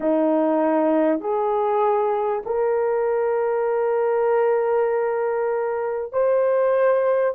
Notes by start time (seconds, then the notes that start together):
0.00 D#4
1.20 G#4
2.45 A#4
6.12 C5